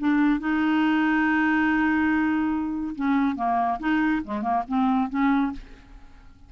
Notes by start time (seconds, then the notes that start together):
0.00 D4
0.40 D#4
2.96 C#4
3.37 A#3
3.80 D#4
4.25 G#3
4.42 A#3
4.68 C4
5.10 C#4